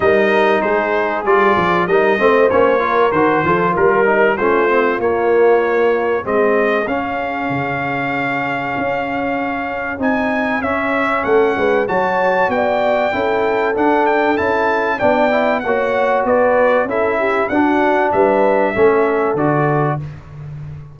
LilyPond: <<
  \new Staff \with { instrumentName = "trumpet" } { \time 4/4 \tempo 4 = 96 dis''4 c''4 d''4 dis''4 | cis''4 c''4 ais'4 c''4 | cis''2 dis''4 f''4~ | f''1 |
gis''4 e''4 fis''4 a''4 | g''2 fis''8 g''8 a''4 | g''4 fis''4 d''4 e''4 | fis''4 e''2 d''4 | }
  \new Staff \with { instrumentName = "horn" } { \time 4/4 ais'4 gis'2 ais'8 c''8~ | c''8 ais'4 a'8 ais'4 f'4~ | f'2 gis'2~ | gis'1~ |
gis'2 a'8 b'8 cis''4 | d''4 a'2. | d''4 cis''4 b'4 a'8 g'8 | fis'4 b'4 a'2 | }
  \new Staff \with { instrumentName = "trombone" } { \time 4/4 dis'2 f'4 dis'8 c'8 | cis'8 f'8 fis'8 f'4 dis'8 cis'8 c'8 | ais2 c'4 cis'4~ | cis'1 |
dis'4 cis'2 fis'4~ | fis'4 e'4 d'4 e'4 | d'8 e'8 fis'2 e'4 | d'2 cis'4 fis'4 | }
  \new Staff \with { instrumentName = "tuba" } { \time 4/4 g4 gis4 g8 f8 g8 a8 | ais4 dis8 f8 g4 a4 | ais2 gis4 cis'4 | cis2 cis'2 |
c'4 cis'4 a8 gis8 fis4 | b4 cis'4 d'4 cis'4 | b4 ais4 b4 cis'4 | d'4 g4 a4 d4 | }
>>